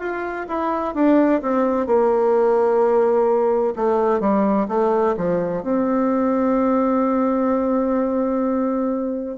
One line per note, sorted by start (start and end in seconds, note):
0.00 0.47 F4
0.49 0.95 E4
0.95 1.42 D4
1.42 1.87 C4
1.87 3.75 A#3
3.76 4.21 A3
4.21 4.67 G3
4.69 5.16 A3
5.17 5.63 F3
5.63 9.38 C4